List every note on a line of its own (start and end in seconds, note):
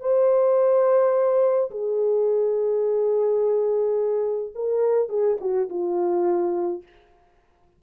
0.00 1.70 C5
1.70 4.53 G#4
4.55 5.09 A#4
5.09 5.37 G#4
5.41 5.69 F#4
5.69 6.82 F4